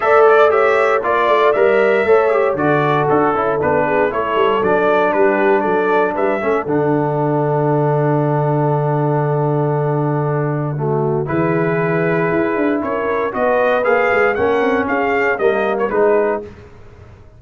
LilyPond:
<<
  \new Staff \with { instrumentName = "trumpet" } { \time 4/4 \tempo 4 = 117 e''8 d''8 e''4 d''4 e''4~ | e''4 d''4 a'4 b'4 | cis''4 d''4 b'4 d''4 | e''4 fis''2.~ |
fis''1~ | fis''2 b'2~ | b'4 cis''4 dis''4 f''4 | fis''4 f''4 dis''8. cis''16 b'4 | }
  \new Staff \with { instrumentName = "horn" } { \time 4/4 d''4 cis''4 d''2 | cis''4 a'2~ a'8 gis'8 | a'2 g'4 a'4 | b'8 a'2.~ a'8~ |
a'1~ | a'4 fis'4 gis'2~ | gis'4 ais'4 b'2 | ais'4 gis'4 ais'4 gis'4 | }
  \new Staff \with { instrumentName = "trombone" } { \time 4/4 a'4 g'4 f'4 ais'4 | a'8 g'8 fis'4. e'8 d'4 | e'4 d'2.~ | d'8 cis'8 d'2.~ |
d'1~ | d'4 a4 e'2~ | e'2 fis'4 gis'4 | cis'2 ais4 dis'4 | }
  \new Staff \with { instrumentName = "tuba" } { \time 4/4 a2 ais8 a8 g4 | a4 d4 d'8 cis'8 b4 | a8 g8 fis4 g4 fis4 | g8 a8 d2.~ |
d1~ | d2 e2 | e'8 d'8 cis'4 b4 ais8 gis8 | ais8 c'8 cis'4 g4 gis4 | }
>>